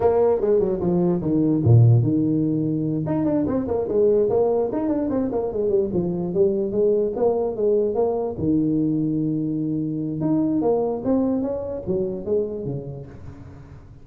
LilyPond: \new Staff \with { instrumentName = "tuba" } { \time 4/4 \tempo 4 = 147 ais4 gis8 fis8 f4 dis4 | ais,4 dis2~ dis8 dis'8 | d'8 c'8 ais8 gis4 ais4 dis'8 | d'8 c'8 ais8 gis8 g8 f4 g8~ |
g8 gis4 ais4 gis4 ais8~ | ais8 dis2.~ dis8~ | dis4 dis'4 ais4 c'4 | cis'4 fis4 gis4 cis4 | }